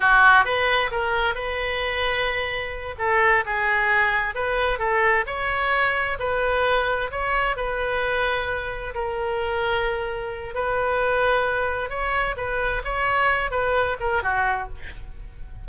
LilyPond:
\new Staff \with { instrumentName = "oboe" } { \time 4/4 \tempo 4 = 131 fis'4 b'4 ais'4 b'4~ | b'2~ b'8 a'4 gis'8~ | gis'4. b'4 a'4 cis''8~ | cis''4. b'2 cis''8~ |
cis''8 b'2. ais'8~ | ais'2. b'4~ | b'2 cis''4 b'4 | cis''4. b'4 ais'8 fis'4 | }